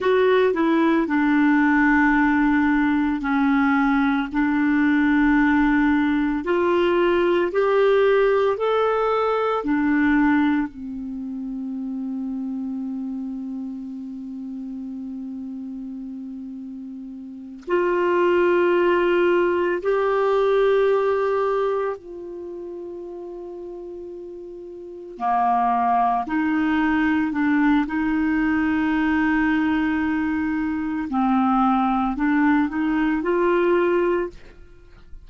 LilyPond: \new Staff \with { instrumentName = "clarinet" } { \time 4/4 \tempo 4 = 56 fis'8 e'8 d'2 cis'4 | d'2 f'4 g'4 | a'4 d'4 c'2~ | c'1~ |
c'8 f'2 g'4.~ | g'8 f'2. ais8~ | ais8 dis'4 d'8 dis'2~ | dis'4 c'4 d'8 dis'8 f'4 | }